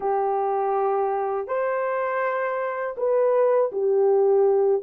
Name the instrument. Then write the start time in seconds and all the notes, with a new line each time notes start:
horn
0.00 G4
1.47 C5
2.97 B4
3.72 G4